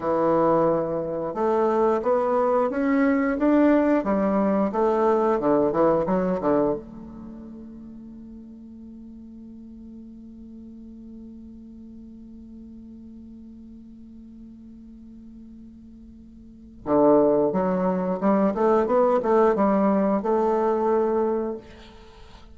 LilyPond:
\new Staff \with { instrumentName = "bassoon" } { \time 4/4 \tempo 4 = 89 e2 a4 b4 | cis'4 d'4 g4 a4 | d8 e8 fis8 d8 a2~ | a1~ |
a1~ | a1~ | a4 d4 fis4 g8 a8 | b8 a8 g4 a2 | }